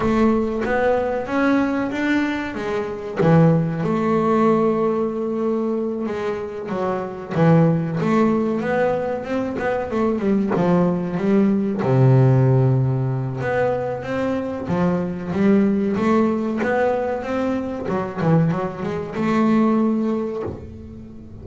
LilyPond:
\new Staff \with { instrumentName = "double bass" } { \time 4/4 \tempo 4 = 94 a4 b4 cis'4 d'4 | gis4 e4 a2~ | a4. gis4 fis4 e8~ | e8 a4 b4 c'8 b8 a8 |
g8 f4 g4 c4.~ | c4 b4 c'4 f4 | g4 a4 b4 c'4 | fis8 e8 fis8 gis8 a2 | }